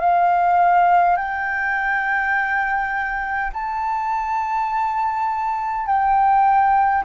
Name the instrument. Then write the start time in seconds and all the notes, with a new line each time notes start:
flute
0.00 F5
1.17 G5
3.53 A5
5.86 G5